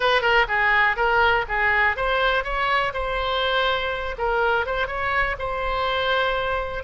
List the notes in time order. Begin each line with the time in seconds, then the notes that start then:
0.00 B4
0.21 A#4
0.48 G#4
0.96 A#4
1.48 G#4
1.96 C5
2.44 C#5
2.93 C5
4.18 A#4
4.66 C5
4.87 C#5
5.38 C5